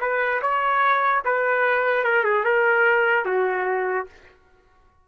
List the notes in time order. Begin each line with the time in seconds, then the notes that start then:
0.00 B4
0.42 C#5
1.25 B4
2.04 A#4
2.24 G#4
2.44 A#4
3.25 F#4